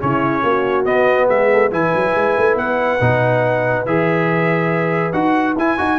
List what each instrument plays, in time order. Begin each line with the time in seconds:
0.00 tuba C#3, trombone C#4, horn E4, trumpet C#5
0.44 tuba A#3, horn F#4
0.85 trombone B3, tuba B3, trumpet D#5
1.28 tuba G#3, horn G#4, trumpet E5
1.53 horn A4
1.71 tuba E3, trombone E4, horn B4, trumpet G#5
1.95 tuba F#3
2.16 tuba G#3
2.38 tuba A3
2.56 tuba B3, trumpet F#5
3.01 tuba B2, trombone D#4
3.86 tuba E3, trombone G#4, trumpet E5
5.13 tuba D#4, trombone F#4, trumpet F#5
5.56 tuba E4, trombone E4, trumpet G#5
5.78 tuba D#4, trombone F#4